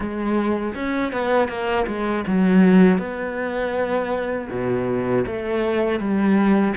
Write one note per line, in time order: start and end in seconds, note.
0.00 0.74 G#3
0.74 1.12 C#4
1.12 1.48 B3
1.48 1.86 A#3
1.86 2.24 G#3
2.27 2.98 F#3
2.98 4.48 B3
4.50 5.25 B2
5.26 5.99 A3
5.99 6.74 G3